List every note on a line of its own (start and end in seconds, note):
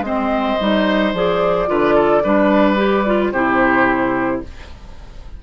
0.00 0.55 G#3
0.00 0.58 C4
0.00 1.69 C5
0.00 1.14 D#5
0.60 1.13 G3
0.60 1.14 D#4
1.13 1.67 F3
1.13 1.66 G#4
1.13 3.31 D5
1.66 2.23 D3
1.66 2.21 F4
1.66 1.95 B4
1.95 2.22 A4
2.23 3.32 G3
2.23 2.76 D4
2.23 3.32 B4
2.76 3.04 G4
3.06 3.33 F4
3.31 4.41 C3
3.31 4.43 E4
3.31 4.41 G4
3.31 4.40 C5